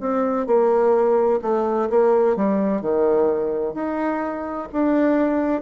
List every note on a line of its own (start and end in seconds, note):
0.00 0.46 C4
0.46 1.40 A#3
1.42 1.89 A3
1.90 2.36 A#3
2.36 2.81 G3
2.81 3.74 D#3
3.74 4.68 D#4
4.72 5.62 D4